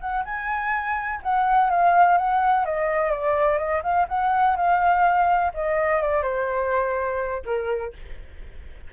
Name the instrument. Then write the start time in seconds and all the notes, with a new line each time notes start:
flute
0.00 F#5
0.24 G#5
1.22 F#5
1.70 F5
2.17 F#5
2.65 D#5
3.11 D5
3.58 D#5
3.82 F5
4.08 F#5
4.56 F5
5.54 D#5
6.01 D5
6.22 C5
7.45 A#4